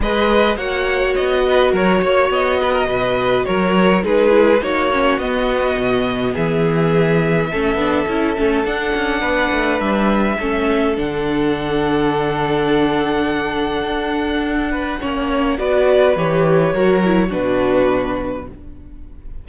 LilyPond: <<
  \new Staff \with { instrumentName = "violin" } { \time 4/4 \tempo 4 = 104 dis''4 fis''4 dis''4 cis''4 | dis''2 cis''4 b'4 | cis''4 dis''2 e''4~ | e''2. fis''4~ |
fis''4 e''2 fis''4~ | fis''1~ | fis''2. d''4 | cis''2 b'2 | }
  \new Staff \with { instrumentName = "violin" } { \time 4/4 b'4 cis''4. b'8 ais'8 cis''8~ | cis''8 b'16 ais'16 b'4 ais'4 gis'4 | fis'2. gis'4~ | gis'4 a'2. |
b'2 a'2~ | a'1~ | a'4. b'8 cis''4 b'4~ | b'4 ais'4 fis'2 | }
  \new Staff \with { instrumentName = "viola" } { \time 4/4 gis'4 fis'2.~ | fis'2. dis'8 e'8 | dis'8 cis'8 b2.~ | b4 cis'8 d'8 e'8 cis'8 d'4~ |
d'2 cis'4 d'4~ | d'1~ | d'2 cis'4 fis'4 | g'4 fis'8 e'8 d'2 | }
  \new Staff \with { instrumentName = "cello" } { \time 4/4 gis4 ais4 b4 fis8 ais8 | b4 b,4 fis4 gis4 | ais4 b4 b,4 e4~ | e4 a8 b8 cis'8 a8 d'8 cis'8 |
b8 a8 g4 a4 d4~ | d1 | d'2 ais4 b4 | e4 fis4 b,2 | }
>>